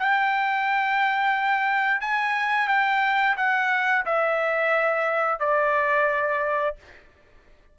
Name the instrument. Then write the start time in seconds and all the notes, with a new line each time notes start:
trumpet
0.00 G5
2.01 G#5
2.68 G5
3.37 F#5
4.06 E5
5.40 D5